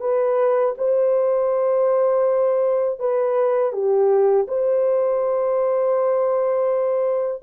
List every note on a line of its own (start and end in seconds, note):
0.00 0.74 B4
0.78 2.99 C5
2.99 3.72 B4
3.72 4.46 G4
4.47 7.42 C5